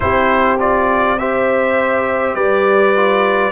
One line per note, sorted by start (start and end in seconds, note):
0.00 2.34 C4
0.00 0.58 E4
0.00 1.19 G4
0.00 0.58 C5
0.59 1.18 F4
0.59 1.18 D5
1.18 2.95 G4
1.18 2.35 C5
1.18 2.34 E5
2.34 3.51 G3
2.34 3.51 B4
2.34 3.51 D5
2.95 3.51 F4